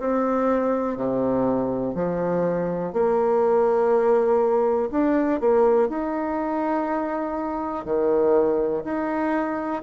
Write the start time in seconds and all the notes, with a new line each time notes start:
0.00 C4
0.97 C3
1.95 F3
2.93 A#3
4.91 D4
5.41 A#3
5.89 D#4
7.86 D#3
8.85 D#4